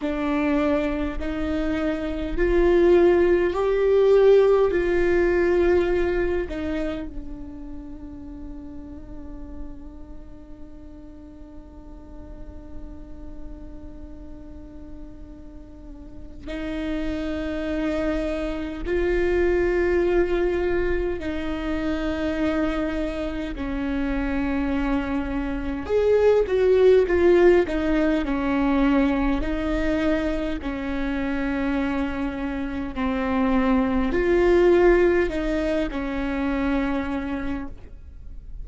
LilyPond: \new Staff \with { instrumentName = "viola" } { \time 4/4 \tempo 4 = 51 d'4 dis'4 f'4 g'4 | f'4. dis'8 d'2~ | d'1~ | d'2 dis'2 |
f'2 dis'2 | cis'2 gis'8 fis'8 f'8 dis'8 | cis'4 dis'4 cis'2 | c'4 f'4 dis'8 cis'4. | }